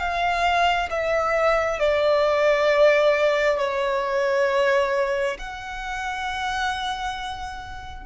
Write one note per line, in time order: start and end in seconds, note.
0.00 0.90 F5
0.90 1.80 E5
1.80 3.59 D5
3.59 5.38 C#5
5.39 8.06 F#5